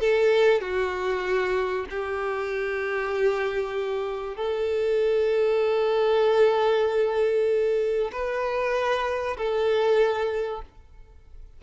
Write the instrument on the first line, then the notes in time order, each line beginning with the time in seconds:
violin
0.00 A4
0.61 F#4
1.90 G4
4.36 A4
8.12 B4
9.37 A4